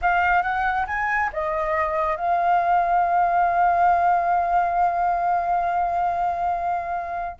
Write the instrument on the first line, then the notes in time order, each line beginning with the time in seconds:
flute
0.01 F5
0.42 F#5
0.87 G#5
1.32 D#5
2.16 F5